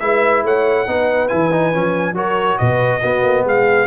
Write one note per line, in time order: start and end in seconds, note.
0.00 0.44 G#3
0.00 0.87 E4
0.00 0.45 B4
0.00 0.43 E5
0.44 0.87 A3
0.44 0.88 C#5
0.44 1.28 F#5
0.87 1.31 B3
0.87 1.29 D#4
0.87 2.16 B4
1.28 1.75 E3
1.28 1.51 E4
1.28 2.15 G#5
1.52 1.73 D#4
1.74 2.13 F3
1.74 2.15 C#4
2.13 2.56 F#3
2.13 3.01 F#4
2.13 2.59 A#4
2.13 2.59 C#5
2.59 3.03 B2
2.59 3.02 B4
2.59 3.45 D#5
3.02 3.87 B3
3.02 3.24 B3
3.02 3.45 F#4
3.24 3.45 A#3
3.45 3.87 G#3
3.45 3.87 G#4
3.45 3.87 F5